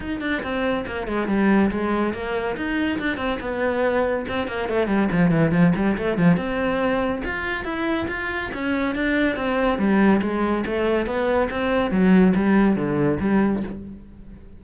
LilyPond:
\new Staff \with { instrumentName = "cello" } { \time 4/4 \tempo 4 = 141 dis'8 d'8 c'4 ais8 gis8 g4 | gis4 ais4 dis'4 d'8 c'8 | b2 c'8 ais8 a8 g8 | f8 e8 f8 g8 a8 f8 c'4~ |
c'4 f'4 e'4 f'4 | cis'4 d'4 c'4 g4 | gis4 a4 b4 c'4 | fis4 g4 d4 g4 | }